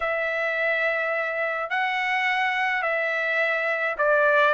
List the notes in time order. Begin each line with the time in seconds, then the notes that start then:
0.00 E5
1.70 F#5
2.82 E5
3.98 D5